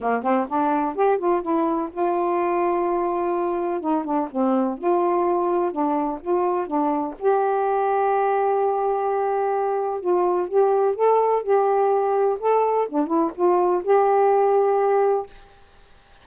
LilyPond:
\new Staff \with { instrumentName = "saxophone" } { \time 4/4 \tempo 4 = 126 ais8 c'8 d'4 g'8 f'8 e'4 | f'1 | dis'8 d'8 c'4 f'2 | d'4 f'4 d'4 g'4~ |
g'1~ | g'4 f'4 g'4 a'4 | g'2 a'4 d'8 e'8 | f'4 g'2. | }